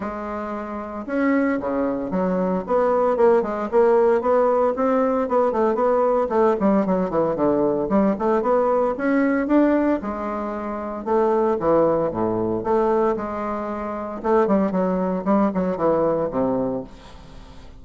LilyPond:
\new Staff \with { instrumentName = "bassoon" } { \time 4/4 \tempo 4 = 114 gis2 cis'4 cis4 | fis4 b4 ais8 gis8 ais4 | b4 c'4 b8 a8 b4 | a8 g8 fis8 e8 d4 g8 a8 |
b4 cis'4 d'4 gis4~ | gis4 a4 e4 a,4 | a4 gis2 a8 g8 | fis4 g8 fis8 e4 c4 | }